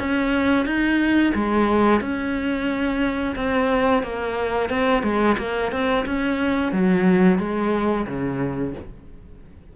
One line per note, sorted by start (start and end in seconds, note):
0.00 0.66 C#4
0.66 1.34 D#4
1.35 2.01 G#3
2.01 3.36 C#4
3.36 4.03 C4
4.03 4.70 A#3
4.70 5.03 C4
5.03 5.37 G#3
5.38 5.72 A#3
5.72 6.06 C4
6.06 6.73 C#4
6.73 7.39 F#3
7.39 8.07 G#3
8.07 8.75 C#3